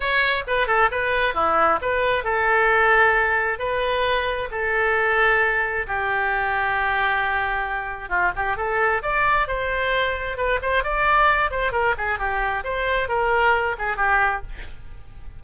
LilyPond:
\new Staff \with { instrumentName = "oboe" } { \time 4/4 \tempo 4 = 133 cis''4 b'8 a'8 b'4 e'4 | b'4 a'2. | b'2 a'2~ | a'4 g'2.~ |
g'2 f'8 g'8 a'4 | d''4 c''2 b'8 c''8 | d''4. c''8 ais'8 gis'8 g'4 | c''4 ais'4. gis'8 g'4 | }